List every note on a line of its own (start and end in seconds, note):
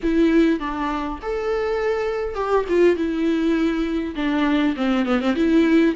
0.02 0.59 E4
0.59 1.19 D4
1.22 2.35 A4
2.35 2.64 G4
2.69 2.95 F4
2.95 4.14 E4
4.15 4.75 D4
4.76 5.05 C4
5.05 5.20 B3
5.20 5.35 C4
5.35 5.94 E4